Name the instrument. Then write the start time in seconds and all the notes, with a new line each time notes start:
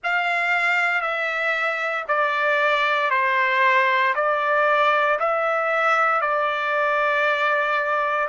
trumpet
0.03 F5
1.01 E5
2.08 D5
3.10 C5
4.15 D5
5.20 E5
6.21 D5